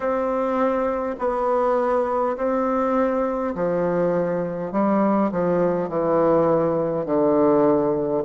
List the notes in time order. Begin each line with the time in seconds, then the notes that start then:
0.00 C4
1.18 B3
2.36 C4
3.55 F3
4.72 G3
5.31 F3
5.88 E3
7.05 D3